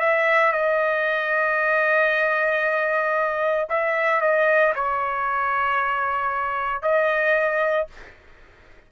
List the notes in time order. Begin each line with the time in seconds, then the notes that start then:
0.00 E5
0.52 D#5
3.69 E5
4.21 D#5
4.75 C#5
6.82 D#5